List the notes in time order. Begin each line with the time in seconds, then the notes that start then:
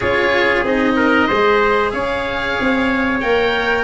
0.00 C#4 F4 G#4 C#5
0.64 C4 D#4 D#5
0.96 A#4
1.27 G#3 G#4 C5
1.90 C#4 C#5 F5
2.60 C4
3.20 A#3 A#4 G5